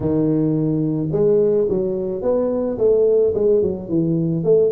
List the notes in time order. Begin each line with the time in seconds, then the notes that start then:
0.00 D#3
1.12 G#3
1.69 F#3
2.22 B3
2.78 A3
3.34 G#3
3.62 F#3
3.88 E3
4.44 A3